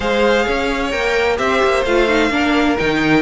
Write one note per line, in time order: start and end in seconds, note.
0.00 0.46 G#3
0.00 0.91 G#4
0.00 0.44 C5
0.00 0.90 F5
0.44 0.93 C#4
0.44 1.36 C#5
0.90 1.38 A#3
0.90 1.36 A#4
0.90 1.36 G5
1.36 1.62 C4
1.36 1.82 G4
1.36 2.31 C5
1.36 1.84 E5
1.63 1.85 A#3
1.85 2.30 A3
1.85 2.07 F4
1.85 2.77 F5
2.07 2.30 D#4
2.30 2.76 A#3
2.30 2.76 D4
2.30 3.22 A#4
2.78 3.22 D#3
2.78 3.22 D#4
2.78 3.22 G5